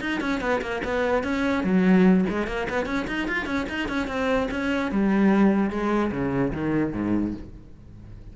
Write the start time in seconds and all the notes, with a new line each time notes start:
0.00 D#4
0.21 C#4
0.41 B3
0.61 A#3
0.84 B3
1.23 C#4
1.64 F#3
2.29 G#3
2.47 A#3
2.69 B3
2.86 C#4
3.07 D#4
3.28 F4
3.46 C#4
3.69 D#4
3.88 C#4
4.07 C4
4.51 C#4
4.91 G3
5.70 G#3
6.12 C#3
6.53 D#3
6.93 G#2